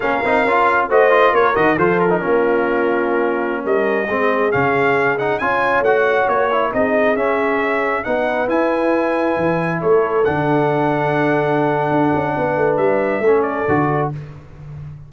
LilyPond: <<
  \new Staff \with { instrumentName = "trumpet" } { \time 4/4 \tempo 4 = 136 f''2 dis''4 cis''8 dis''8 | c''8 ais'2.~ ais'8~ | ais'16 dis''2 f''4. fis''16~ | fis''16 gis''4 fis''4 cis''4 dis''8.~ |
dis''16 e''2 fis''4 gis''8.~ | gis''2~ gis''16 cis''4 fis''8.~ | fis''1~ | fis''4 e''4. d''4. | }
  \new Staff \with { instrumentName = "horn" } { \time 4/4 ais'2 c''4 ais'4 | a'4 f'2.~ | f'16 ais'4 gis'2~ gis'8.~ | gis'16 cis''2. gis'8.~ |
gis'2~ gis'16 b'4.~ b'16~ | b'2~ b'16 a'4.~ a'16~ | a'1 | b'2 a'2 | }
  \new Staff \with { instrumentName = "trombone" } { \time 4/4 cis'8 dis'8 f'4 fis'8 f'4 fis'8 | f'8. dis'16 cis'2.~ | cis'4~ cis'16 c'4 cis'4. dis'16~ | dis'16 f'4 fis'4. e'8 dis'8.~ |
dis'16 cis'2 dis'4 e'8.~ | e'2.~ e'16 d'8.~ | d'1~ | d'2 cis'4 fis'4 | }
  \new Staff \with { instrumentName = "tuba" } { \time 4/4 ais8 c'8 cis'4 a4 ais8 dis8 | f4 ais2.~ | ais16 g4 gis4 cis4.~ cis16~ | cis16 cis'4 a4 ais4 c'8.~ |
c'16 cis'2 b4 e'8.~ | e'4~ e'16 e4 a4 d8.~ | d2. d'8 cis'8 | b8 a8 g4 a4 d4 | }
>>